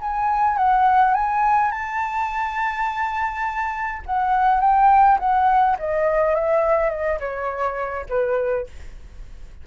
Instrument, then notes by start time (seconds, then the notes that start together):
flute
0.00 G#5
0.57 F#5
1.14 G#5
1.71 A5
4.06 F#5
4.60 G5
5.19 F#5
5.79 D#5
6.35 E5
6.90 D#5
7.19 C#5
8.09 B4